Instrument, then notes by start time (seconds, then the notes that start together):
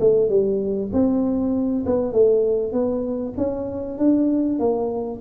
tuba
0.00 A3
0.29 G3
0.93 C4
1.86 B3
2.13 A3
2.72 B3
3.37 C#4
3.98 D4
4.59 A#3